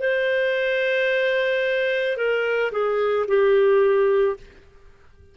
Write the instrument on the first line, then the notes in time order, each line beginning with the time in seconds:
clarinet
0.00 C5
2.17 A#4
2.72 G#4
3.28 G4